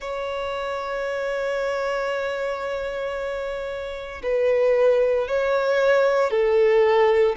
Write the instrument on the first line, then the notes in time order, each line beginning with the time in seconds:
violin
0.00 C#5
4.22 B4
5.27 C#5
6.30 A4